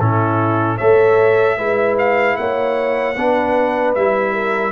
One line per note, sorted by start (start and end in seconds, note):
0.00 0.79 A2
0.00 0.80 C#4
0.00 0.77 E4
0.00 0.78 A4
0.77 1.58 A3
0.77 1.59 A4
0.77 1.56 C#5
0.77 1.96 E5
1.58 2.37 G#3
1.58 3.16 E4
1.58 2.37 B4
1.99 2.37 F5
2.37 3.17 A#3
2.37 3.17 C#5
2.37 3.94 F#5
3.17 3.96 B3
3.17 3.97 D4
3.17 4.34 B4
3.95 4.73 G3
3.95 4.73 E4
3.95 4.73 E5
4.34 4.73 A#4